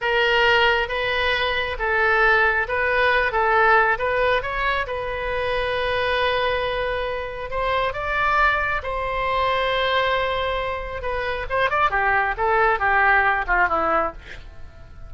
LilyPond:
\new Staff \with { instrumentName = "oboe" } { \time 4/4 \tempo 4 = 136 ais'2 b'2 | a'2 b'4. a'8~ | a'4 b'4 cis''4 b'4~ | b'1~ |
b'4 c''4 d''2 | c''1~ | c''4 b'4 c''8 d''8 g'4 | a'4 g'4. f'8 e'4 | }